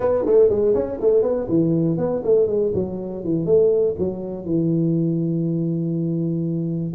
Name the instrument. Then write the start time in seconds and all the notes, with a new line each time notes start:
tuba
0.00 B3
0.25 A3
0.49 G#3
0.74 C#4
1.00 A3
1.22 B3
1.48 E3
1.97 B3
2.23 A3
2.47 G#3
2.74 F#3
3.24 E3
3.45 A3
3.98 F#3
4.45 E3